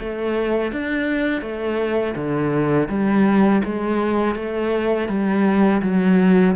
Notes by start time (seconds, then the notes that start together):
0.00 A3
0.73 D4
1.42 A3
2.16 D3
2.89 G3
3.65 G#3
4.36 A3
5.09 G3
5.82 F#3